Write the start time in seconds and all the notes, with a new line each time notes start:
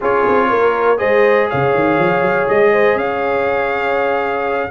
0.00 C#4 F4 G#4 C#5
0.27 C4
0.49 A#3 A#4
0.97 G#3 G#4 C5 D#5
1.49 C#3 C#5 F5
1.74 D#3
1.97 F3
2.21 F#3
2.48 G#3 D#5
2.72 C5
2.95 C#4 C#5 F5